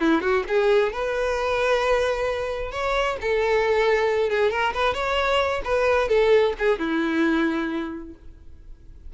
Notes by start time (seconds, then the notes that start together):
0.00 E4
0.21 F#4
0.48 G#4
0.92 B4
2.71 C#5
3.21 A4
4.29 G#4
4.51 A#4
4.74 B4
4.94 C#5
5.64 B4
6.08 A4
6.59 G#4
6.79 E4